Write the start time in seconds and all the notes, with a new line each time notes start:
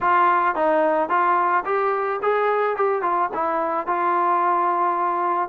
0.01 F4
0.55 D#4
1.09 F4
1.65 G4
2.22 G#4
2.76 G4
3.02 F4
3.34 E4
3.86 F4